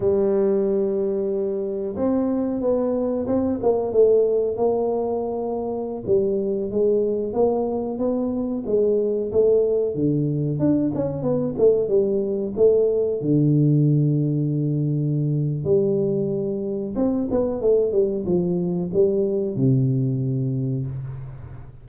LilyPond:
\new Staff \with { instrumentName = "tuba" } { \time 4/4 \tempo 4 = 92 g2. c'4 | b4 c'8 ais8 a4 ais4~ | ais4~ ais16 g4 gis4 ais8.~ | ais16 b4 gis4 a4 d8.~ |
d16 d'8 cis'8 b8 a8 g4 a8.~ | a16 d2.~ d8. | g2 c'8 b8 a8 g8 | f4 g4 c2 | }